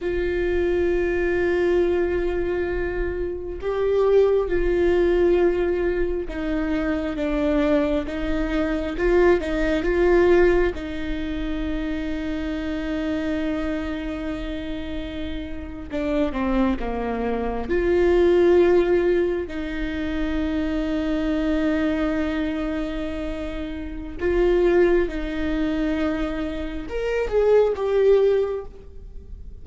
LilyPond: \new Staff \with { instrumentName = "viola" } { \time 4/4 \tempo 4 = 67 f'1 | g'4 f'2 dis'4 | d'4 dis'4 f'8 dis'8 f'4 | dis'1~ |
dis'4.~ dis'16 d'8 c'8 ais4 f'16~ | f'4.~ f'16 dis'2~ dis'16~ | dis'2. f'4 | dis'2 ais'8 gis'8 g'4 | }